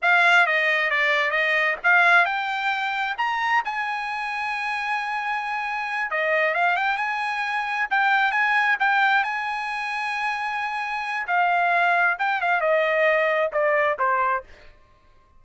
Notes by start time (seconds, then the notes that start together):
0.02 F5
0.46 D#5
0.90 D5
1.30 D#5
1.83 F5
2.25 G5
3.17 A#5
3.64 G#5
6.10 D#5
6.54 F5
6.76 G5
6.97 G#5
7.90 G5
8.31 G#5
8.79 G5
9.23 G#5
11.27 F5
12.18 G5
12.41 F5
12.60 D#5
13.52 D5
13.98 C5